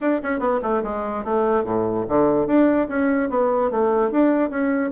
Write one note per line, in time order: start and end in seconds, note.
0.00 0.21 D4
0.23 0.39 C#4
0.39 0.60 B3
0.62 0.83 A3
0.83 1.24 G#3
1.24 1.63 A3
1.63 2.05 A2
2.08 2.46 D3
2.46 2.87 D4
2.88 3.29 C#4
3.29 3.70 B3
3.70 4.11 A3
4.11 4.49 D4
4.49 4.91 C#4